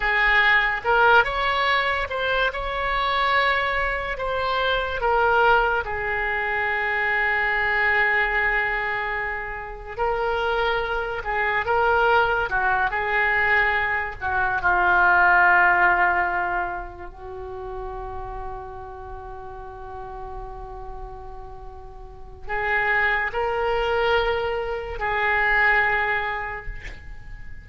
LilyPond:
\new Staff \with { instrumentName = "oboe" } { \time 4/4 \tempo 4 = 72 gis'4 ais'8 cis''4 c''8 cis''4~ | cis''4 c''4 ais'4 gis'4~ | gis'1 | ais'4. gis'8 ais'4 fis'8 gis'8~ |
gis'4 fis'8 f'2~ f'8~ | f'8 fis'2.~ fis'8~ | fis'2. gis'4 | ais'2 gis'2 | }